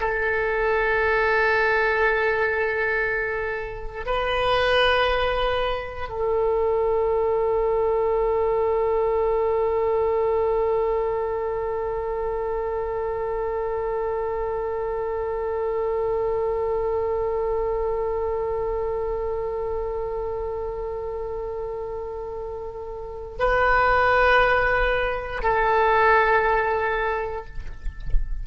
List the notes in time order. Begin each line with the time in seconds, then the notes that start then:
0.00 A4
4.06 B4
6.09 A4
23.39 B4
25.42 A4